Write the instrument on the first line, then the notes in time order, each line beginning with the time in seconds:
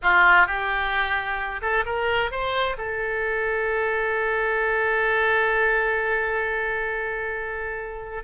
oboe
0.02 F4
0.46 G4
1.61 A4
1.85 A#4
2.31 C5
2.77 A4